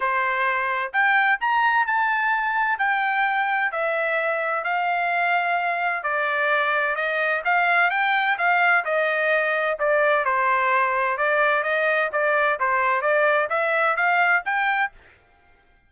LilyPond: \new Staff \with { instrumentName = "trumpet" } { \time 4/4 \tempo 4 = 129 c''2 g''4 ais''4 | a''2 g''2 | e''2 f''2~ | f''4 d''2 dis''4 |
f''4 g''4 f''4 dis''4~ | dis''4 d''4 c''2 | d''4 dis''4 d''4 c''4 | d''4 e''4 f''4 g''4 | }